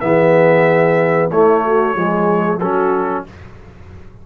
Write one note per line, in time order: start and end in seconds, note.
0.00 1.31 E3
0.00 1.30 B3
0.00 1.31 G#4
0.00 1.29 E5
1.31 1.95 A3
1.31 1.96 A3
1.31 1.64 E4
1.31 2.59 C#5
1.64 1.95 F#4
1.95 2.59 F3
1.95 2.60 G#3
1.95 2.58 G#4
2.58 3.24 F#3
2.58 3.26 C#4
2.58 3.23 F#4
2.58 3.24 A4